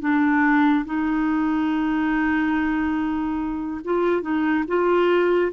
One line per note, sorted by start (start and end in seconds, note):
0.00 0.85 D4
0.85 3.81 D#4
3.84 4.21 F4
4.21 4.64 D#4
4.67 5.52 F4